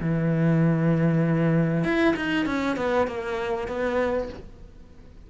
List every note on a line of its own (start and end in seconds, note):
0.00 1.84 E3
1.84 2.14 E4
2.16 2.45 D#4
2.45 2.76 C#4
2.77 3.07 B3
3.07 3.67 A#3
3.67 4.29 B3